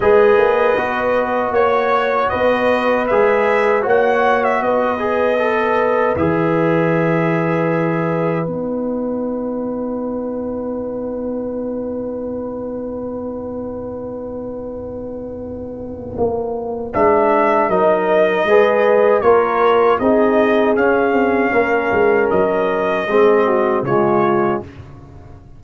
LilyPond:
<<
  \new Staff \with { instrumentName = "trumpet" } { \time 4/4 \tempo 4 = 78 dis''2 cis''4 dis''4 | e''4 fis''8. e''16 dis''2 | e''2. fis''4~ | fis''1~ |
fis''1~ | fis''2 e''4 dis''4~ | dis''4 cis''4 dis''4 f''4~ | f''4 dis''2 cis''4 | }
  \new Staff \with { instrumentName = "horn" } { \time 4/4 b'2 cis''4 b'4~ | b'4 cis''4 b'2~ | b'1~ | b'1~ |
b'1~ | b'2. ais'4 | b'4 ais'4 gis'2 | ais'2 gis'8 fis'8 f'4 | }
  \new Staff \with { instrumentName = "trombone" } { \time 4/4 gis'4 fis'2. | gis'4 fis'4. gis'8 a'4 | gis'2. dis'4~ | dis'1~ |
dis'1~ | dis'2 d'4 dis'4 | gis'4 f'4 dis'4 cis'4~ | cis'2 c'4 gis4 | }
  \new Staff \with { instrumentName = "tuba" } { \time 4/4 gis8 ais8 b4 ais4 b4 | gis4 ais4 b2 | e2. b4~ | b1~ |
b1~ | b4 ais4 gis4 fis4 | gis4 ais4 c'4 cis'8 c'8 | ais8 gis8 fis4 gis4 cis4 | }
>>